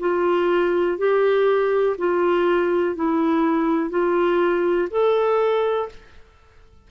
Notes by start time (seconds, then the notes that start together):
0.00 F4
0.98 G4
1.99 F4
2.96 E4
3.90 F4
4.90 A4